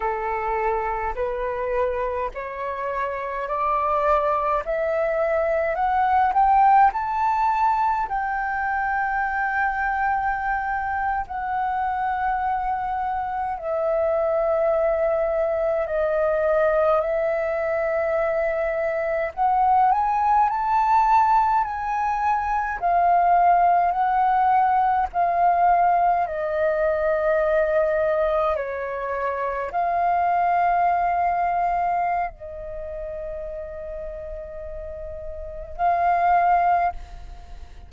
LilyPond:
\new Staff \with { instrumentName = "flute" } { \time 4/4 \tempo 4 = 52 a'4 b'4 cis''4 d''4 | e''4 fis''8 g''8 a''4 g''4~ | g''4.~ g''16 fis''2 e''16~ | e''4.~ e''16 dis''4 e''4~ e''16~ |
e''8. fis''8 gis''8 a''4 gis''4 f''16~ | f''8. fis''4 f''4 dis''4~ dis''16~ | dis''8. cis''4 f''2~ f''16 | dis''2. f''4 | }